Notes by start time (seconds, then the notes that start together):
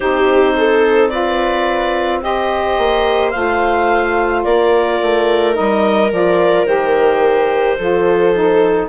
0.00 C4 D#4 G4 C5
0.56 A4
1.09 F4 B4 D5
2.21 G4 C5 D#5
2.78 A#3
3.30 A3 F4 F5
4.44 A#3 A#4 D5
5.02 A3
5.52 D#4 D#5
5.59 G3
6.11 F3 F4 D5
6.64 D#3 G4 C5
7.78 F3 F4 A4
8.33 D#4